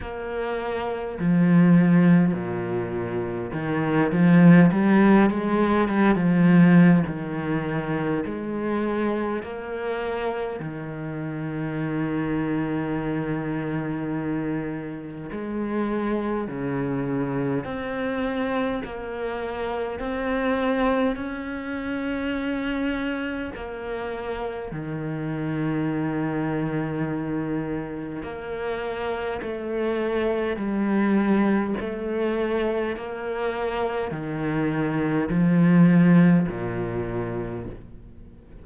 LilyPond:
\new Staff \with { instrumentName = "cello" } { \time 4/4 \tempo 4 = 51 ais4 f4 ais,4 dis8 f8 | g8 gis8 g16 f8. dis4 gis4 | ais4 dis2.~ | dis4 gis4 cis4 c'4 |
ais4 c'4 cis'2 | ais4 dis2. | ais4 a4 g4 a4 | ais4 dis4 f4 ais,4 | }